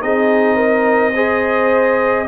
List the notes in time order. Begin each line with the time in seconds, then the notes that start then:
0.00 C4 D#4 G#4 D#5
0.56 A#4
1.15 G#4 C5